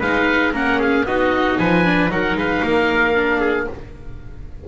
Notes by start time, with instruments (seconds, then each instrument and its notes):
0.00 double bass G#3, viola D#4, trumpet B4, oboe F5
0.53 double bass A#3, viola C#4, trumpet A#4, oboe F#5
0.80 trumpet G#4, oboe F5
1.06 double bass B3, viola D#4, trumpet F#4, oboe D#5
1.59 double bass F3, trumpet B4, oboe G#5
1.85 viola D4
2.09 double bass F#3, viola D#4, trumpet A#4, oboe F#5
2.35 double bass G#3, trumpet B4, oboe F5
2.63 double bass A#3, trumpet A#4
3.15 viola D4
3.40 trumpet G#4